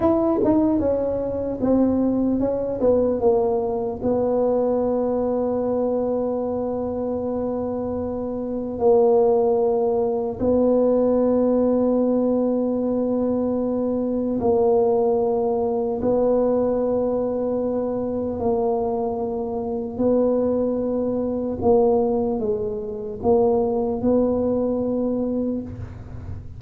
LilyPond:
\new Staff \with { instrumentName = "tuba" } { \time 4/4 \tempo 4 = 75 e'8 dis'8 cis'4 c'4 cis'8 b8 | ais4 b2.~ | b2. ais4~ | ais4 b2.~ |
b2 ais2 | b2. ais4~ | ais4 b2 ais4 | gis4 ais4 b2 | }